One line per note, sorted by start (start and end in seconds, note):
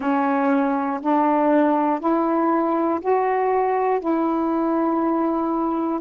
0.00 1.00 C#4
1.01 2.00 D4
2.00 3.00 E4
3.00 4.00 F#4
4.00 6.00 E4